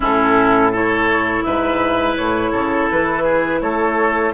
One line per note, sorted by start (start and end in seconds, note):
0.00 1.43 A2
0.00 0.72 C#4
0.00 0.71 E4
0.00 0.75 A4
0.71 4.34 E4
0.71 1.44 A4
0.71 1.43 C#5
1.43 2.17 G#2
1.43 2.51 B4
1.43 2.15 E5
2.16 2.53 A2
2.16 2.88 C#5
2.51 2.89 C#3
2.51 3.23 A4
2.90 3.61 E3
2.90 3.61 B4
3.23 3.59 G#4
3.61 4.33 A3
3.61 4.34 A4
3.61 4.33 C#5